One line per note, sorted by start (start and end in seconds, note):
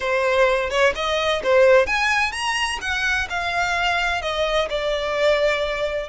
0.00 0.69 C5
0.69 0.93 C#5
0.95 1.42 D#5
1.43 1.86 C5
1.86 2.31 G#5
2.31 2.78 A#5
2.81 3.28 F#5
3.29 4.21 F5
4.21 4.68 D#5
4.69 6.09 D5